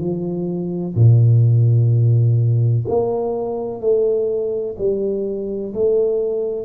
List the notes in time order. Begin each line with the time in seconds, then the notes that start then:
0.00 F3
0.96 A#2
2.88 A#3
3.81 A3
4.78 G3
5.74 A3